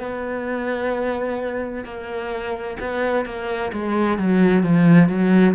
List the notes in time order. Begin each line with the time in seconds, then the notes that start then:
0.00 B3
1.85 A#3
2.80 B3
3.26 A#3
3.73 G#3
4.18 F#3
4.63 F3
5.09 F#3